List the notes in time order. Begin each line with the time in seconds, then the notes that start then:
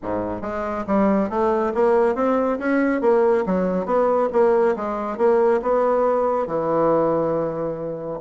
0.02 G#2
0.41 G#3
0.86 G3
1.29 A3
1.74 A#3
2.15 C4
2.58 C#4
3.01 A#3
3.46 F#3
3.85 B3
4.32 A#3
4.76 G#3
5.17 A#3
5.62 B3
6.46 E3